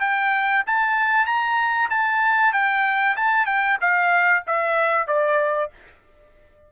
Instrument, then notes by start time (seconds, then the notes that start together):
trumpet
0.00 G5
0.67 A5
1.26 A#5
1.90 A5
2.53 G5
3.17 A5
3.46 G5
3.81 F5
4.47 E5
5.07 D5